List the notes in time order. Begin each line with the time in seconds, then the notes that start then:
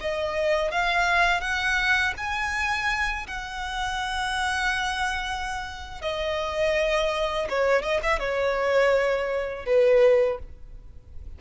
0.00 D#5
0.71 F5
1.40 F#5
2.17 G#5
3.27 F#5
6.02 D#5
7.49 C#5
7.82 D#5
8.03 E5
8.19 C#5
9.66 B4